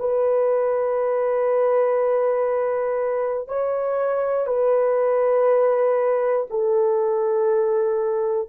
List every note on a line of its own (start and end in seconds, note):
0.00 3.49 B4
3.49 4.47 C#5
4.47 6.47 B4
6.50 8.49 A4